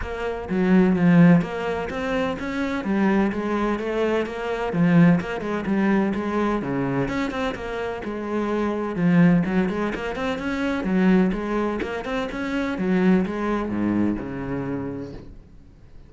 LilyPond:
\new Staff \with { instrumentName = "cello" } { \time 4/4 \tempo 4 = 127 ais4 fis4 f4 ais4 | c'4 cis'4 g4 gis4 | a4 ais4 f4 ais8 gis8 | g4 gis4 cis4 cis'8 c'8 |
ais4 gis2 f4 | fis8 gis8 ais8 c'8 cis'4 fis4 | gis4 ais8 c'8 cis'4 fis4 | gis4 gis,4 cis2 | }